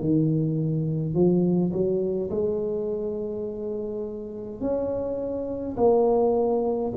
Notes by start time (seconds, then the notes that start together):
0.00 D#3
1.14 F3
1.73 F#3
2.30 G#3
4.61 C#4
5.77 A#3